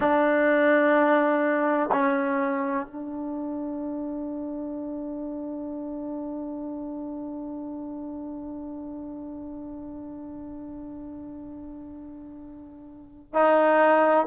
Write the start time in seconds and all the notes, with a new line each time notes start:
0.00 D4
1.91 C#4
2.86 D4
13.33 D#4